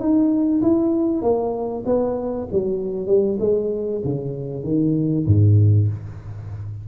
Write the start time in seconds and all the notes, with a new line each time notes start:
0.00 D#4
0.62 E4
1.22 A#3
1.86 B3
2.52 F#3
3.07 G3
3.40 G#3
4.05 C#3
4.64 D#3
5.26 G#2